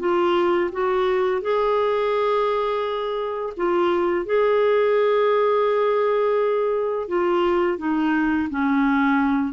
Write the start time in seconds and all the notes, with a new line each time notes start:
0.00 F4
0.73 F#4
1.42 G#4
3.57 F4
4.26 G#4
7.08 F4
7.78 D#4
8.51 C#4